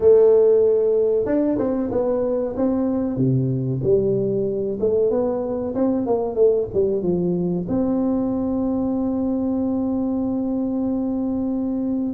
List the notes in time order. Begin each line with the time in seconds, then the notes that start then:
0.00 A3
1.25 D4
1.58 C4
1.91 B3
2.56 C4
3.17 C3
3.83 G3
4.80 A3
5.10 B3
5.74 C4
6.06 A#3
6.35 A3
6.73 G3
7.02 F3
7.68 C4